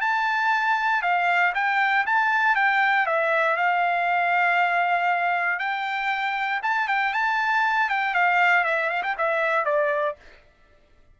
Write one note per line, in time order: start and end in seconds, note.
0.00 1.02 A5
1.02 1.53 F5
1.54 2.05 G5
2.06 2.55 A5
2.55 3.06 G5
3.06 3.56 E5
3.56 5.59 F5
5.59 6.60 G5
6.62 6.87 A5
6.87 7.13 G5
7.13 7.89 A5
7.89 8.14 G5
8.14 8.64 F5
8.64 8.89 E5
8.89 9.02 F5
9.03 9.15 G5
9.17 9.64 E5
9.64 10.15 D5